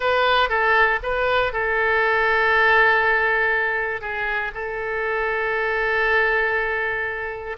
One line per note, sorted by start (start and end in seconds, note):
0.00 0.49 B4
0.49 0.99 A4
1.02 1.52 B4
1.52 4.01 A4
4.01 4.51 G#4
4.54 7.57 A4